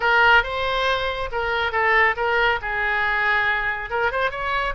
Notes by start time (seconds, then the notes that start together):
0.00 A#4
0.43 C5
1.31 A#4
1.71 A4
2.16 A#4
2.61 G#4
3.89 A#4
4.11 C5
4.30 C#5